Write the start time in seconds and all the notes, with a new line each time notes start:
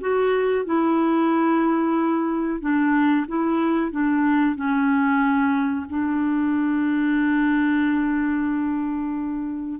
0.00 F#4
0.65 E4
2.60 D4
3.27 E4
3.91 D4
4.55 C#4
5.89 D4